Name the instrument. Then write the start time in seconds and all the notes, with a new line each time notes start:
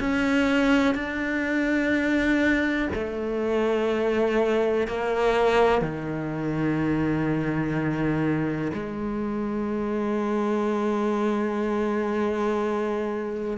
cello
0.00 C#4
0.95 D4
2.94 A3
4.87 A#3
5.82 D#3
8.74 G#3